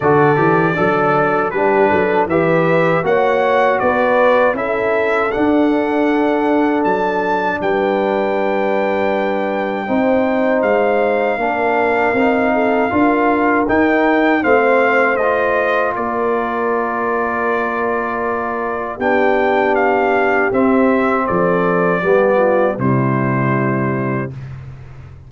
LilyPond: <<
  \new Staff \with { instrumentName = "trumpet" } { \time 4/4 \tempo 4 = 79 d''2 b'4 e''4 | fis''4 d''4 e''4 fis''4~ | fis''4 a''4 g''2~ | g''2 f''2~ |
f''2 g''4 f''4 | dis''4 d''2.~ | d''4 g''4 f''4 e''4 | d''2 c''2 | }
  \new Staff \with { instrumentName = "horn" } { \time 4/4 a'4 d'4 g'8 a'8 b'4 | cis''4 b'4 a'2~ | a'2 b'2~ | b'4 c''2 ais'4~ |
ais'8 a'8 ais'2 c''4~ | c''4 ais'2.~ | ais'4 g'2. | a'4 g'8 f'8 e'2 | }
  \new Staff \with { instrumentName = "trombone" } { \time 4/4 fis'8 g'8 a'4 d'4 g'4 | fis'2 e'4 d'4~ | d'1~ | d'4 dis'2 d'4 |
dis'4 f'4 dis'4 c'4 | f'1~ | f'4 d'2 c'4~ | c'4 b4 g2 | }
  \new Staff \with { instrumentName = "tuba" } { \time 4/4 d8 e8 fis4 g8 fis8 e4 | ais4 b4 cis'4 d'4~ | d'4 fis4 g2~ | g4 c'4 gis4 ais4 |
c'4 d'4 dis'4 a4~ | a4 ais2.~ | ais4 b2 c'4 | f4 g4 c2 | }
>>